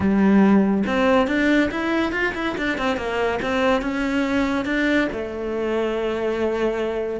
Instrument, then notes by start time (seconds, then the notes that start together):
cello
0.00 G3
0.86 C4
1.27 D4
1.71 E4
2.12 F4
2.34 E4
2.57 D4
2.78 C4
2.96 A#3
3.42 C4
3.81 C#4
4.65 D4
5.12 A3